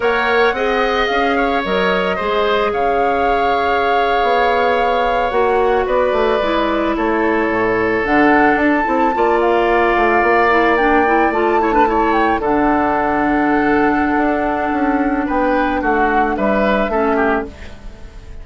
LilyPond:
<<
  \new Staff \with { instrumentName = "flute" } { \time 4/4 \tempo 4 = 110 fis''2 f''4 dis''4~ | dis''4 f''2.~ | f''4.~ f''16 fis''4 d''4~ d''16~ | d''8. cis''2 fis''4 a''16~ |
a''4~ a''16 f''2~ f''8 g''16~ | g''8. a''4. g''8 fis''4~ fis''16~ | fis''1 | g''4 fis''4 e''2 | }
  \new Staff \with { instrumentName = "oboe" } { \time 4/4 cis''4 dis''4. cis''4. | c''4 cis''2.~ | cis''2~ cis''8. b'4~ b'16~ | b'8. a'2.~ a'16~ |
a'8. d''2.~ d''16~ | d''4~ d''16 cis''16 b'16 cis''4 a'4~ a'16~ | a'1 | b'4 fis'4 b'4 a'8 g'8 | }
  \new Staff \with { instrumentName = "clarinet" } { \time 4/4 ais'4 gis'2 ais'4 | gis'1~ | gis'4.~ gis'16 fis'2 e'16~ | e'2~ e'8. d'4~ d'16~ |
d'16 e'8 f'2~ f'8 e'8 d'16~ | d'16 e'8 f'8 e'16 d'16 e'4 d'4~ d'16~ | d'1~ | d'2. cis'4 | }
  \new Staff \with { instrumentName = "bassoon" } { \time 4/4 ais4 c'4 cis'4 fis4 | gis4 cis2~ cis8. b16~ | b4.~ b16 ais4 b8 a8 gis16~ | gis8. a4 a,4 d4 d'16~ |
d'16 c'8 ais4. a8 ais4~ ais16~ | ais8. a2 d4~ d16~ | d2 d'4 cis'4 | b4 a4 g4 a4 | }
>>